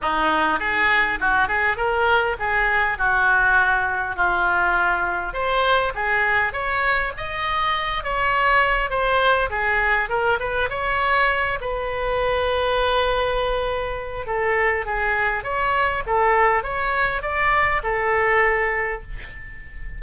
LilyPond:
\new Staff \with { instrumentName = "oboe" } { \time 4/4 \tempo 4 = 101 dis'4 gis'4 fis'8 gis'8 ais'4 | gis'4 fis'2 f'4~ | f'4 c''4 gis'4 cis''4 | dis''4. cis''4. c''4 |
gis'4 ais'8 b'8 cis''4. b'8~ | b'1 | a'4 gis'4 cis''4 a'4 | cis''4 d''4 a'2 | }